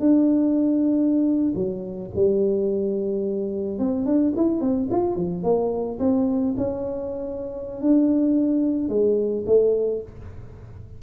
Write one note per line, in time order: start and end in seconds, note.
0.00 1.53 D4
1.55 2.10 F#3
2.15 3.79 G3
3.79 4.06 C4
4.06 4.33 D4
4.37 4.61 E4
4.61 4.88 C4
4.91 5.16 F4
5.16 5.43 F3
5.43 5.99 A#3
5.99 6.55 C4
6.57 7.81 C#4
7.81 8.89 D4
8.89 9.45 G#3
9.46 10.02 A3